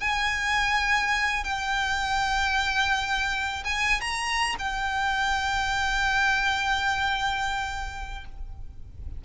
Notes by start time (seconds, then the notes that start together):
0.00 G#5
1.44 G5
3.65 G#5
4.01 A#5
4.59 G5